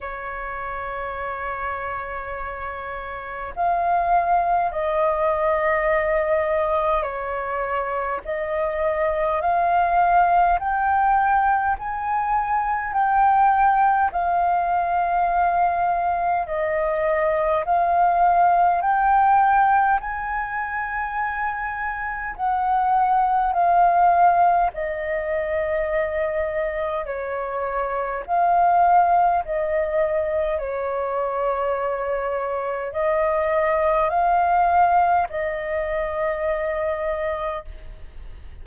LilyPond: \new Staff \with { instrumentName = "flute" } { \time 4/4 \tempo 4 = 51 cis''2. f''4 | dis''2 cis''4 dis''4 | f''4 g''4 gis''4 g''4 | f''2 dis''4 f''4 |
g''4 gis''2 fis''4 | f''4 dis''2 cis''4 | f''4 dis''4 cis''2 | dis''4 f''4 dis''2 | }